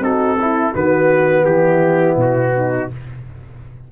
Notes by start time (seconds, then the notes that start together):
0.00 C4 D#4 F#4 A4
0.40 E4
0.74 D#3 B3 F#4 B4
1.44 E3 E4 G4
2.17 B2 F#4
2.57 D#4